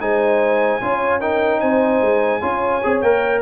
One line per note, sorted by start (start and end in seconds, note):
0.00 0.81 G#3
0.00 0.81 D#4
0.00 0.82 C5
0.00 1.21 G#5
0.81 1.62 C#4
0.81 1.20 F4
0.81 1.20 C#5
1.20 2.41 D#4
1.20 1.60 A#4
1.20 1.60 G5
1.60 2.01 C4
1.60 2.40 C5
1.60 3.01 G#5
2.01 2.41 G#3
2.40 2.82 C#4
2.40 2.81 F4
2.40 3.41 C#5
2.83 3.02 C4
2.83 3.04 G#4
3.01 3.42 A#3
3.01 3.42 A#4
3.01 3.41 G5